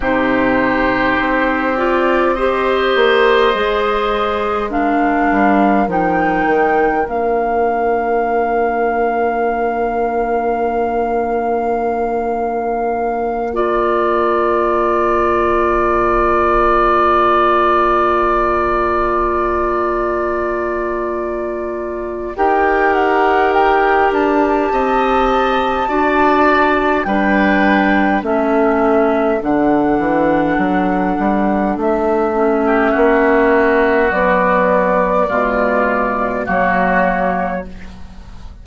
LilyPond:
<<
  \new Staff \with { instrumentName = "flute" } { \time 4/4 \tempo 4 = 51 c''4. d''8 dis''2 | f''4 g''4 f''2~ | f''2.~ f''8 ais''8~ | ais''1~ |
ais''2. g''8 fis''8 | g''8 a''2~ a''8 g''4 | e''4 fis''2 e''4~ | e''4 d''2 cis''4 | }
  \new Staff \with { instrumentName = "oboe" } { \time 4/4 g'2 c''2 | ais'1~ | ais'2.~ ais'8 d''8~ | d''1~ |
d''2. ais'4~ | ais'4 dis''4 d''4 b'4 | a'2.~ a'8. g'16 | fis'2 f'4 fis'4 | }
  \new Staff \with { instrumentName = "clarinet" } { \time 4/4 dis'4. f'8 g'4 gis'4 | d'4 dis'4 d'2~ | d'2.~ d'8 f'8~ | f'1~ |
f'2. g'4~ | g'2 fis'4 d'4 | cis'4 d'2~ d'8 cis'8~ | cis'4 fis4 gis4 ais4 | }
  \new Staff \with { instrumentName = "bassoon" } { \time 4/4 c4 c'4. ais8 gis4~ | gis8 g8 f8 dis8 ais2~ | ais1~ | ais1~ |
ais2. dis'4~ | dis'8 d'8 c'4 d'4 g4 | a4 d8 e8 fis8 g8 a4 | ais4 b4 b,4 fis4 | }
>>